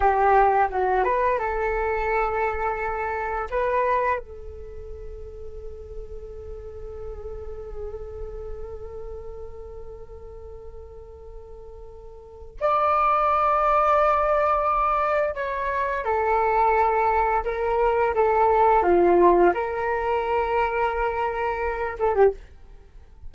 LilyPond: \new Staff \with { instrumentName = "flute" } { \time 4/4 \tempo 4 = 86 g'4 fis'8 b'8 a'2~ | a'4 b'4 a'2~ | a'1~ | a'1~ |
a'2 d''2~ | d''2 cis''4 a'4~ | a'4 ais'4 a'4 f'4 | ais'2.~ ais'8 a'16 g'16 | }